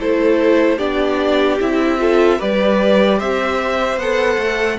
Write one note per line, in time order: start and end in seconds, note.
0.00 0.79 A3
0.00 0.79 E4
0.00 0.77 A4
0.00 0.79 C5
0.77 1.59 B3
0.77 1.59 D4
0.77 1.97 G4
0.77 1.59 D5
1.60 2.40 C4
1.60 1.99 E4
1.60 2.41 E5
1.99 2.39 F4
1.99 2.39 A4
2.39 3.21 G3
2.39 3.99 G4
2.39 3.19 B4
2.39 3.20 D5
3.19 3.97 C4
3.19 4.79 C5
3.19 3.99 E5
3.97 4.37 B3
3.97 4.79 A4
3.97 4.79 F#5
4.38 4.78 A3